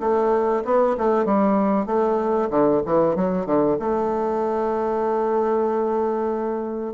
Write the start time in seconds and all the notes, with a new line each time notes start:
0.00 A3
0.64 B3
0.97 A3
1.25 G3
1.86 A3
2.50 D3
2.85 E3
3.15 F#3
3.46 D3
3.79 A3